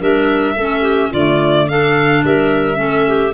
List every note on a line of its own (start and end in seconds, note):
0.00 0.56 G3
0.00 0.55 D4
0.00 0.55 A#4
0.00 1.13 E5
0.56 1.11 A3
0.56 1.15 C#4
0.56 0.82 A4
0.82 1.09 G4
1.11 2.24 D3
1.11 1.70 A3
1.11 1.66 F4
1.11 1.69 D5
1.69 2.75 D4
1.69 2.24 A4
1.69 2.24 F5
2.24 2.78 G3
2.24 2.78 A#4
2.24 3.34 E5
2.75 3.33 A3
2.75 3.30 C#4
2.75 3.06 A4
3.07 3.34 G4